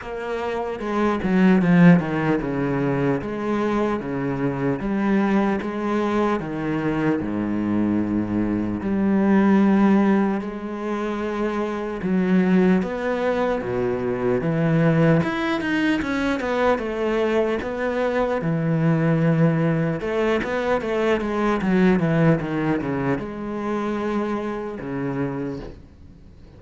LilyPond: \new Staff \with { instrumentName = "cello" } { \time 4/4 \tempo 4 = 75 ais4 gis8 fis8 f8 dis8 cis4 | gis4 cis4 g4 gis4 | dis4 gis,2 g4~ | g4 gis2 fis4 |
b4 b,4 e4 e'8 dis'8 | cis'8 b8 a4 b4 e4~ | e4 a8 b8 a8 gis8 fis8 e8 | dis8 cis8 gis2 cis4 | }